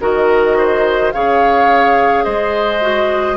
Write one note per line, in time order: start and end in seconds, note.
0.00 1.13 D#3
0.00 1.13 F#4
0.00 0.58 A#4
0.00 1.12 D#5
0.58 1.14 C5
1.12 2.26 C#3
1.12 2.81 G#4
1.12 2.24 C#5
1.12 2.24 F5
2.24 3.37 G#3
2.24 3.37 C5
2.24 3.37 D#5
2.81 3.37 F#4